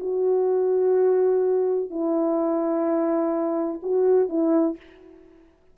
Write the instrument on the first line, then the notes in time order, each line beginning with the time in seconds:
horn
0.00 F#4
1.90 E4
3.83 F#4
4.29 E4